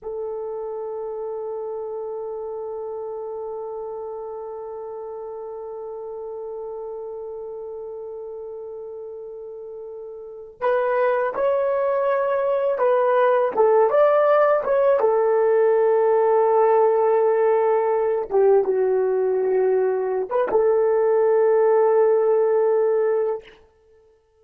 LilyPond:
\new Staff \with { instrumentName = "horn" } { \time 4/4 \tempo 4 = 82 a'1~ | a'1~ | a'1~ | a'2~ a'8 b'4 cis''8~ |
cis''4. b'4 a'8 d''4 | cis''8 a'2.~ a'8~ | a'4 g'8 fis'2~ fis'16 b'16 | a'1 | }